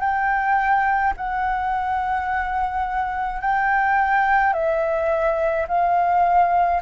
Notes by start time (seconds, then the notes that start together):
0.00 G5
1.17 F#5
3.41 G5
4.53 E5
5.68 F5